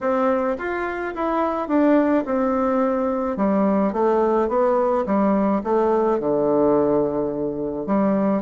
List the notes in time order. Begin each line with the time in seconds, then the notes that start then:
0.01 C4
0.58 F4
1.14 E4
1.68 D4
2.25 C4
3.36 G3
3.92 A3
4.48 B3
5.06 G3
5.63 A3
6.19 D3
7.86 G3